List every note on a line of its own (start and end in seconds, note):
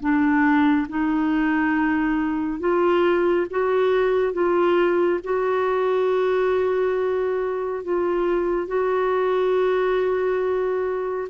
0.00 0.87 D4
0.89 2.60 D#4
2.60 3.47 F4
3.50 4.33 F#4
4.33 5.20 F4
5.24 7.84 F#4
7.84 8.68 F4
8.68 11.28 F#4